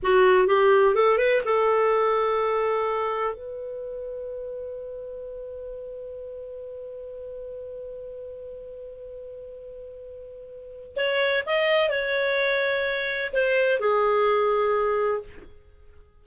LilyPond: \new Staff \with { instrumentName = "clarinet" } { \time 4/4 \tempo 4 = 126 fis'4 g'4 a'8 b'8 a'4~ | a'2. b'4~ | b'1~ | b'1~ |
b'1~ | b'2. cis''4 | dis''4 cis''2. | c''4 gis'2. | }